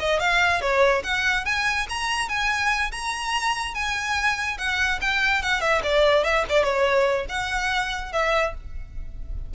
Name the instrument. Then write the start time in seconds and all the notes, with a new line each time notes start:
violin
0.00 D#5
0.20 F5
0.61 C#5
1.04 F#5
1.45 G#5
1.89 A#5
2.29 G#5
2.92 A#5
3.75 G#5
4.58 F#5
5.01 G5
5.43 F#5
5.61 E5
5.83 D5
6.24 E5
6.50 D5
6.64 C#5
7.29 F#5
8.13 E5